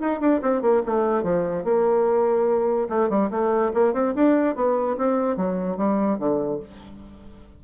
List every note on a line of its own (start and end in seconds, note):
0.00 0.20 D#4
0.20 0.41 D4
0.42 0.62 C4
0.62 0.82 A#3
0.86 1.23 A3
1.23 1.64 F3
1.64 2.88 A#3
2.89 3.09 A3
3.09 3.30 G3
3.30 3.72 A3
3.73 3.93 A#3
3.93 4.14 C4
4.15 4.55 D4
4.55 4.97 B3
4.97 5.36 C4
5.36 5.77 F#3
5.77 6.18 G3
6.18 6.60 D3